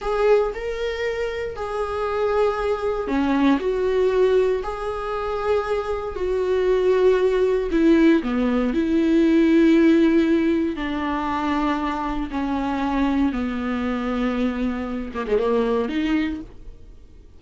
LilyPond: \new Staff \with { instrumentName = "viola" } { \time 4/4 \tempo 4 = 117 gis'4 ais'2 gis'4~ | gis'2 cis'4 fis'4~ | fis'4 gis'2. | fis'2. e'4 |
b4 e'2.~ | e'4 d'2. | cis'2 b2~ | b4. ais16 gis16 ais4 dis'4 | }